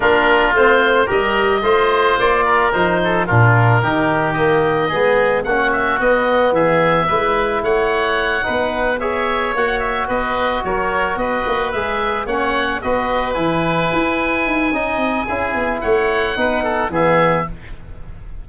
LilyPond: <<
  \new Staff \with { instrumentName = "oboe" } { \time 4/4 \tempo 4 = 110 ais'4 c''4 dis''2 | d''4 c''4 ais'2 | dis''2 fis''8 e''8 dis''4 | e''2 fis''2~ |
fis''8 e''4 fis''8 e''8 dis''4 cis''8~ | cis''8 dis''4 e''4 fis''4 dis''8~ | dis''8 gis''2.~ gis''8~ | gis''4 fis''2 e''4 | }
  \new Staff \with { instrumentName = "oboe" } { \time 4/4 f'2 ais'4 c''4~ | c''8 ais'4 a'8 f'4 g'4~ | g'4 gis'4 fis'2 | gis'4 b'4 cis''4. b'8~ |
b'8 cis''2 b'4 ais'8~ | ais'8 b'2 cis''4 b'8~ | b'2. dis''4 | gis'4 cis''4 b'8 a'8 gis'4 | }
  \new Staff \with { instrumentName = "trombone" } { \time 4/4 d'4 c'4 g'4 f'4~ | f'4 dis'4 d'4 dis'4 | ais4 b4 cis'4 b4~ | b4 e'2~ e'8 dis'8~ |
dis'8 gis'4 fis'2~ fis'8~ | fis'4. gis'4 cis'4 fis'8~ | fis'8 e'2~ e'8 dis'4 | e'2 dis'4 b4 | }
  \new Staff \with { instrumentName = "tuba" } { \time 4/4 ais4 a4 g4 a4 | ais4 f4 ais,4 dis4~ | dis4 gis4 ais4 b4 | e4 gis4 a4. b8~ |
b4. ais4 b4 fis8~ | fis8 b8 ais8 gis4 ais4 b8~ | b8 e4 e'4 dis'8 cis'8 c'8 | cis'8 b8 a4 b4 e4 | }
>>